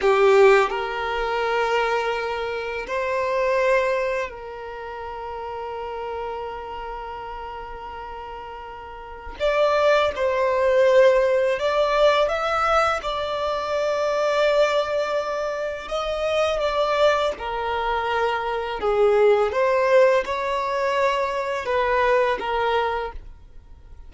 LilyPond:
\new Staff \with { instrumentName = "violin" } { \time 4/4 \tempo 4 = 83 g'4 ais'2. | c''2 ais'2~ | ais'1~ | ais'4 d''4 c''2 |
d''4 e''4 d''2~ | d''2 dis''4 d''4 | ais'2 gis'4 c''4 | cis''2 b'4 ais'4 | }